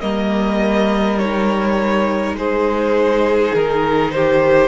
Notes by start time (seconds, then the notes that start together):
0.00 G3 A#3 A#4 D#5
1.18 D#4 C#5
2.33 G#3 G#4 C5
3.54 D#3 A#4
4.11 G4 C5